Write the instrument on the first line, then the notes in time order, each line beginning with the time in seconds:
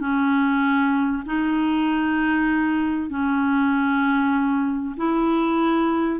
clarinet
0.00 C#4
1.26 D#4
3.10 C#4
4.97 E4